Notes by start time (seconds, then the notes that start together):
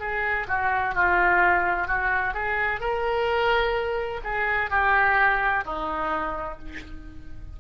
0.00 G#4
0.48 F#4
0.95 F4
1.87 F#4
2.34 G#4
2.80 A#4
4.24 G#4
4.70 G4
5.65 D#4